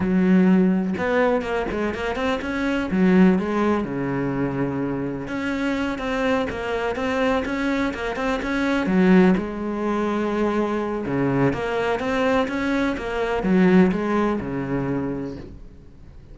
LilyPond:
\new Staff \with { instrumentName = "cello" } { \time 4/4 \tempo 4 = 125 fis2 b4 ais8 gis8 | ais8 c'8 cis'4 fis4 gis4 | cis2. cis'4~ | cis'8 c'4 ais4 c'4 cis'8~ |
cis'8 ais8 c'8 cis'4 fis4 gis8~ | gis2. cis4 | ais4 c'4 cis'4 ais4 | fis4 gis4 cis2 | }